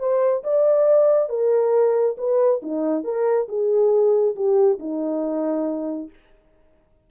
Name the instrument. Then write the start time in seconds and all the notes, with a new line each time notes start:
horn
0.00 C5
0.44 D5
1.29 A#4
2.18 B4
2.63 D#4
3.05 A#4
3.49 G#4
4.36 G4
4.80 D#4